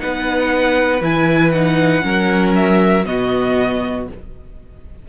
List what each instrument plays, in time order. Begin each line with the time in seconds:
0.00 cello B3, viola D#4, violin B4 F#5
1.01 cello E3, viola E4, violin G#5
1.52 viola D#4, violin F#5
2.02 cello F#3, viola C#4, violin A#4
2.56 violin E5
3.06 cello B2, viola B3, violin F#4 D#5